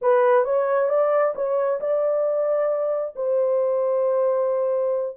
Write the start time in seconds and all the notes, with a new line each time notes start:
0.01 B4
0.44 C#5
0.89 D5
1.35 C#5
1.80 D5
3.15 C5